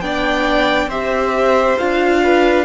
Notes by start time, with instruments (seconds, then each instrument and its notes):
0.00 cello B3, viola D4, violin D5 G5
0.87 cello C4, viola G4, violin C5 E5
1.78 cello D4, viola F4, violin F5
2.23 violin B4